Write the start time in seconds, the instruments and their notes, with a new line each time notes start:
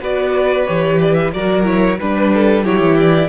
0.00 cello B3, viola F#4, violin B4 D5
0.67 cello E3, viola G4, violin C#5
1.01 violin D5
1.14 violin E5
1.33 cello F#3, viola F#4, violin A#4 D5
1.63 viola E4, violin C#5
1.99 cello G3, viola D4, violin B4
2.34 violin A4
2.64 cello F#3, viola E4, violin G4 C#5
2.80 cello E3
3.00 violin D5